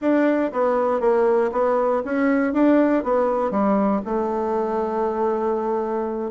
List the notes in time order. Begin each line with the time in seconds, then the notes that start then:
0.01 D4
0.52 B3
1.00 A#3
1.51 B3
2.04 C#4
2.53 D4
3.03 B3
3.50 G3
4.05 A3